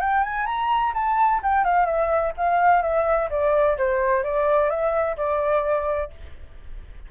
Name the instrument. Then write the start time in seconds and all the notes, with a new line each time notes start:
flute
0.00 G5
0.23 G#5
0.46 A#5
0.94 A5
1.42 G5
1.64 F5
1.85 E5
2.37 F5
2.82 E5
3.30 D5
3.77 C5
4.23 D5
4.69 E5
5.16 D5